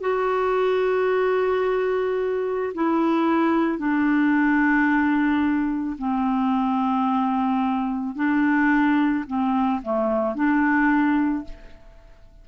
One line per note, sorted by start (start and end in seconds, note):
0.00 2.73 F#4
2.74 3.78 E4
3.78 5.96 D4
5.98 8.15 C4
8.15 9.24 D4
9.27 9.81 C4
9.82 10.35 A3
10.35 11.44 D4